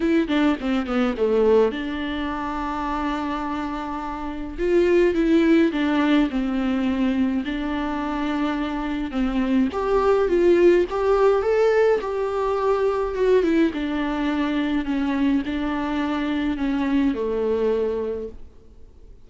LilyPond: \new Staff \with { instrumentName = "viola" } { \time 4/4 \tempo 4 = 105 e'8 d'8 c'8 b8 a4 d'4~ | d'1 | f'4 e'4 d'4 c'4~ | c'4 d'2. |
c'4 g'4 f'4 g'4 | a'4 g'2 fis'8 e'8 | d'2 cis'4 d'4~ | d'4 cis'4 a2 | }